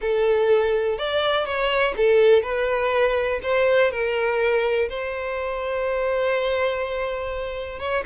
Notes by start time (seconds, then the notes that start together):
0.01 A4
0.98 D5
1.45 C#5
1.96 A4
2.42 B4
3.43 C5
3.91 A#4
4.89 C5
7.79 C#5